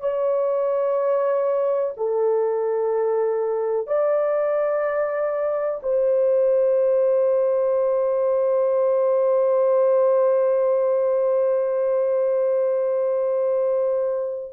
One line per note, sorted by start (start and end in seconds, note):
0.00 1.94 C#5
1.97 3.87 A4
3.87 5.81 D5
5.82 14.53 C5